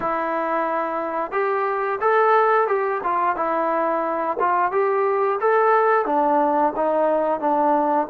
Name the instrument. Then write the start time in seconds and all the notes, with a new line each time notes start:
trombone
0.00 E4
1.31 G4
2.00 A4
2.67 G4
3.03 F4
3.36 E4
4.39 F4
4.71 G4
5.40 A4
6.05 D4
6.76 D#4
7.39 D4